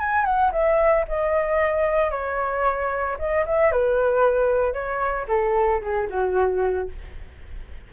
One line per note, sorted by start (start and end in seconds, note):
0.00 0.25 G#5
0.25 0.52 F#5
0.53 1.06 E5
1.08 2.11 D#5
2.11 3.18 C#5
3.19 3.46 D#5
3.46 3.72 E5
3.72 4.74 B4
4.74 5.27 C#5
5.29 5.82 A4
5.82 6.09 G#4
6.10 6.90 F#4